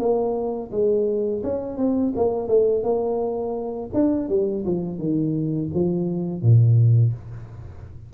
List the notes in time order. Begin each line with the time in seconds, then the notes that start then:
0.00 A#3
0.72 G#3
1.44 C#4
1.78 C4
2.17 A#3
2.48 A3
2.84 A#3
3.94 D4
4.30 G3
4.66 F3
4.99 D#3
5.75 F3
6.43 A#2